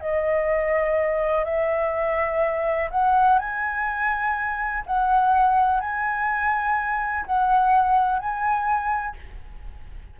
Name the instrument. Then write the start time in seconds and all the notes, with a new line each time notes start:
flute
0.00 D#5
1.45 E5
2.90 F#5
3.38 G#5
4.86 F#5
5.80 G#5
7.26 F#5
8.19 G#5